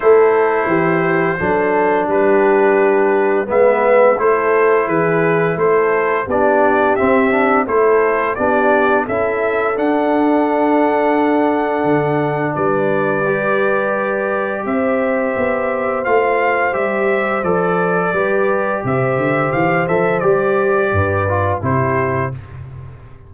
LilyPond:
<<
  \new Staff \with { instrumentName = "trumpet" } { \time 4/4 \tempo 4 = 86 c''2. b'4~ | b'4 e''4 c''4 b'4 | c''4 d''4 e''4 c''4 | d''4 e''4 fis''2~ |
fis''2 d''2~ | d''4 e''2 f''4 | e''4 d''2 e''4 | f''8 e''8 d''2 c''4 | }
  \new Staff \with { instrumentName = "horn" } { \time 4/4 a'4 g'4 a'4 g'4~ | g'4 b'4 a'4 gis'4 | a'4 g'2 a'4 | g'4 a'2.~ |
a'2 b'2~ | b'4 c''2.~ | c''2 b'4 c''4~ | c''2 b'4 g'4 | }
  \new Staff \with { instrumentName = "trombone" } { \time 4/4 e'2 d'2~ | d'4 b4 e'2~ | e'4 d'4 c'8 d'8 e'4 | d'4 e'4 d'2~ |
d'2. g'4~ | g'2. f'4 | g'4 a'4 g'2~ | g'8 a'8 g'4. f'8 e'4 | }
  \new Staff \with { instrumentName = "tuba" } { \time 4/4 a4 e4 fis4 g4~ | g4 gis4 a4 e4 | a4 b4 c'4 a4 | b4 cis'4 d'2~ |
d'4 d4 g2~ | g4 c'4 b4 a4 | g4 f4 g4 c8 d8 | e8 f8 g4 g,4 c4 | }
>>